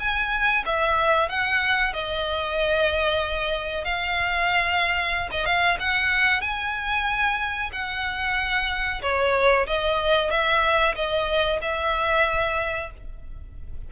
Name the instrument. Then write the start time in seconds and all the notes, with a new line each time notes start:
violin
0.00 G#5
0.66 E5
1.29 F#5
1.93 D#5
3.84 F5
5.31 D#5
5.46 F5
5.80 F#5
6.42 G#5
7.73 F#5
9.02 C#5
9.67 D#5
10.30 E5
10.95 D#5
11.62 E5